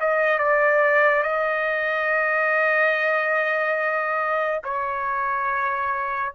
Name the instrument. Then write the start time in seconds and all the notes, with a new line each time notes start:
trumpet
0.00 D#5
0.38 D5
1.23 D#5
4.64 C#5